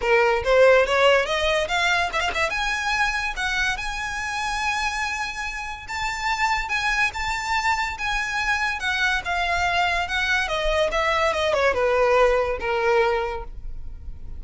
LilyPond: \new Staff \with { instrumentName = "violin" } { \time 4/4 \tempo 4 = 143 ais'4 c''4 cis''4 dis''4 | f''4 e''16 f''16 e''8 gis''2 | fis''4 gis''2.~ | gis''2 a''2 |
gis''4 a''2 gis''4~ | gis''4 fis''4 f''2 | fis''4 dis''4 e''4 dis''8 cis''8 | b'2 ais'2 | }